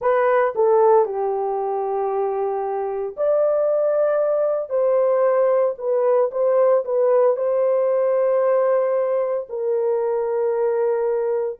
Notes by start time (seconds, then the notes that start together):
0.00 B4
0.55 A4
1.05 G4
3.16 D5
4.69 C5
5.78 B4
6.31 C5
6.84 B4
7.36 C5
9.49 A#4